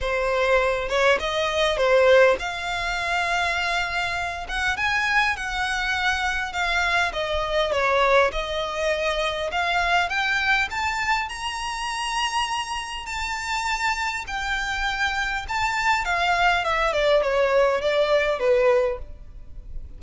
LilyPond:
\new Staff \with { instrumentName = "violin" } { \time 4/4 \tempo 4 = 101 c''4. cis''8 dis''4 c''4 | f''2.~ f''8 fis''8 | gis''4 fis''2 f''4 | dis''4 cis''4 dis''2 |
f''4 g''4 a''4 ais''4~ | ais''2 a''2 | g''2 a''4 f''4 | e''8 d''8 cis''4 d''4 b'4 | }